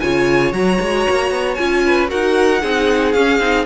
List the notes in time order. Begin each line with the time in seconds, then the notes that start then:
0.00 C#3 F4 C#5 G#5
0.52 F#3 F#4 A#5
0.81 G#3
1.10 A#3
1.30 B3
1.54 C#4 F4 G#5
1.86 B4
2.08 D#4 F#4 A#4 F#5
2.62 C4 D#4 G#4
3.12 C#4 F5
3.39 C4 D#4